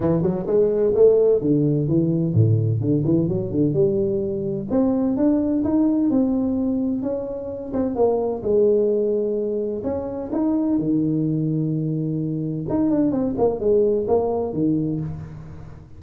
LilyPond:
\new Staff \with { instrumentName = "tuba" } { \time 4/4 \tempo 4 = 128 e8 fis8 gis4 a4 d4 | e4 a,4 d8 e8 fis8 d8 | g2 c'4 d'4 | dis'4 c'2 cis'4~ |
cis'8 c'8 ais4 gis2~ | gis4 cis'4 dis'4 dis4~ | dis2. dis'8 d'8 | c'8 ais8 gis4 ais4 dis4 | }